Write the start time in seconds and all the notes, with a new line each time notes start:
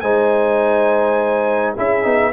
0.00 G#3 D#4 C5 G#5
1.74 C#4 E4 G#4 E5
2.03 B3 D#4